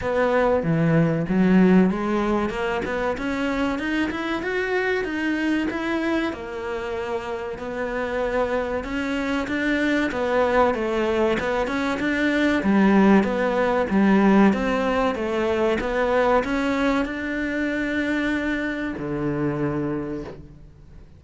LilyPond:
\new Staff \with { instrumentName = "cello" } { \time 4/4 \tempo 4 = 95 b4 e4 fis4 gis4 | ais8 b8 cis'4 dis'8 e'8 fis'4 | dis'4 e'4 ais2 | b2 cis'4 d'4 |
b4 a4 b8 cis'8 d'4 | g4 b4 g4 c'4 | a4 b4 cis'4 d'4~ | d'2 d2 | }